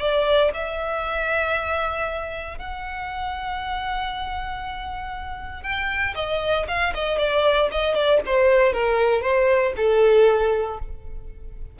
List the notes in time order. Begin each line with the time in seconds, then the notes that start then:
0.00 D5
0.54 E5
2.59 F#5
5.63 G5
6.15 D#5
6.68 F5
6.94 D#5
7.18 D5
7.72 D#5
7.95 D5
8.26 C5
8.73 A#4
9.22 C5
9.77 A4